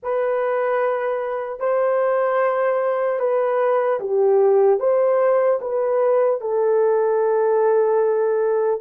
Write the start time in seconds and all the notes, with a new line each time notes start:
0.03 B4
1.59 C5
3.19 B4
4.00 G4
4.79 C5
5.61 B4
6.40 A4